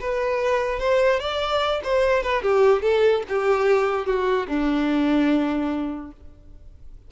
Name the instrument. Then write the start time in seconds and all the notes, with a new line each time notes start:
violin
0.00 B4
0.79 C5
1.19 D5
1.83 C5
2.23 B4
2.42 G4
2.82 A4
3.28 G4
4.06 F#4
4.48 D4